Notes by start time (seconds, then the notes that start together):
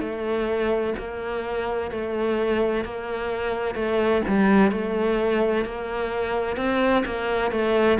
0.00 A3
0.98 A#3
1.91 A3
2.84 A#3
3.75 A3
4.27 G3
4.71 A3
5.65 A#3
6.57 C4
7.05 A#3
7.51 A3